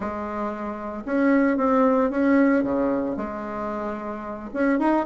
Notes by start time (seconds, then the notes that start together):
0.00 G#3
1.05 C#4
1.57 C4
2.10 C#4
2.63 C#3
3.16 G#3
4.53 C#4
4.79 D#4